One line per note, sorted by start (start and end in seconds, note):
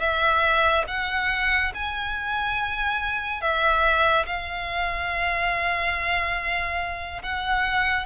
0.00 0.85 E5
0.88 1.72 F#5
1.74 3.41 G#5
3.41 4.26 E5
4.26 7.22 F5
7.23 8.06 F#5